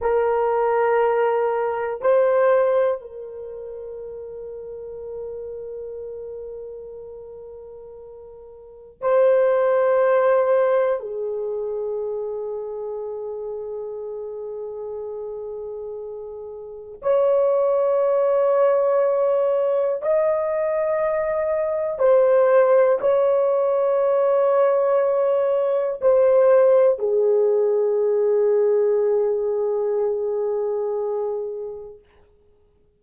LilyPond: \new Staff \with { instrumentName = "horn" } { \time 4/4 \tempo 4 = 60 ais'2 c''4 ais'4~ | ais'1~ | ais'4 c''2 gis'4~ | gis'1~ |
gis'4 cis''2. | dis''2 c''4 cis''4~ | cis''2 c''4 gis'4~ | gis'1 | }